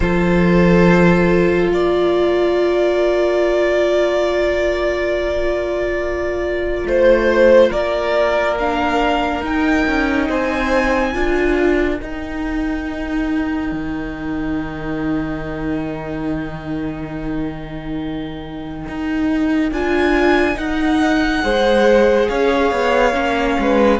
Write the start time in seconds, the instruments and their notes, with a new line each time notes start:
0.00 cello F3, viola F4, violin A4 C5
1.69 cello A#3, violin A#4 D5
6.85 cello A3, violin C5
7.70 cello A#3, violin A#4 D5
8.58 viola D4, violin F5
9.41 cello D#4, viola D#4, violin G5
9.87 cello C#4
10.28 cello C4, violin C5 G#5
11.13 cello D4, viola F4, violin A#4
12.01 cello D#4, viola D#4, violin G5
13.72 cello D#3
18.88 cello D#4
19.71 cello D4, viola F4, violin G#5
20.54 viola D#4, cello D#4, violin F#5
21.42 cello G#3, viola G#4, violin C5
22.28 cello C#4, violin C#5 F5
22.71 cello B3
23.13 cello A#3, viola C#4
23.59 cello G#3, violin B4